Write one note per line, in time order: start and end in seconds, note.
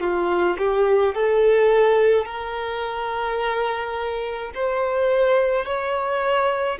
0.00 0.57 F4
0.58 1.15 G4
1.15 2.25 A4
2.25 4.52 A#4
4.54 5.66 C5
5.66 6.79 C#5